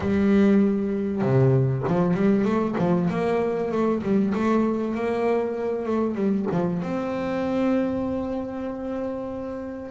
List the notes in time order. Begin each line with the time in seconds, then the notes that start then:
0.00 G3
1.21 C3
1.87 F3
2.13 G3
2.44 A3
2.78 F3
3.10 A#3
3.71 A3
4.02 G3
4.34 A3
4.95 A#3
5.86 A3
6.15 G3
6.51 F3
6.82 C4